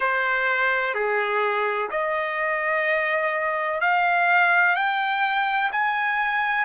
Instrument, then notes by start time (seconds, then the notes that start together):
trumpet
0.00 C5
0.94 G#4
1.90 D#5
3.81 F5
4.75 G5
5.71 G#5